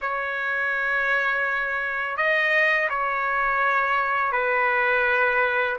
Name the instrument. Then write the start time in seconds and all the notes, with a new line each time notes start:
trumpet
0.01 C#5
2.16 D#5
2.89 C#5
4.32 B4